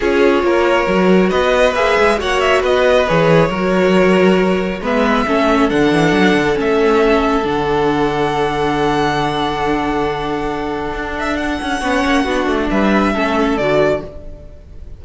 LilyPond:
<<
  \new Staff \with { instrumentName = "violin" } { \time 4/4 \tempo 4 = 137 cis''2. dis''4 | e''4 fis''8 e''8 dis''4 cis''4~ | cis''2. e''4~ | e''4 fis''2 e''4~ |
e''4 fis''2.~ | fis''1~ | fis''4. e''8 fis''2~ | fis''4 e''2 d''4 | }
  \new Staff \with { instrumentName = "violin" } { \time 4/4 gis'4 ais'2 b'4~ | b'4 cis''4 b'2 | ais'2. b'4 | a'1~ |
a'1~ | a'1~ | a'2. cis''4 | fis'4 b'4 a'2 | }
  \new Staff \with { instrumentName = "viola" } { \time 4/4 f'2 fis'2 | gis'4 fis'2 gis'4 | fis'2. b4 | cis'4 d'2 cis'4~ |
cis'4 d'2.~ | d'1~ | d'2. cis'4 | d'2 cis'4 fis'4 | }
  \new Staff \with { instrumentName = "cello" } { \time 4/4 cis'4 ais4 fis4 b4 | ais8 gis8 ais4 b4 e4 | fis2. gis4 | a4 d8 e8 fis8 d8 a4~ |
a4 d2.~ | d1~ | d4 d'4. cis'8 b8 ais8 | b8 a8 g4 a4 d4 | }
>>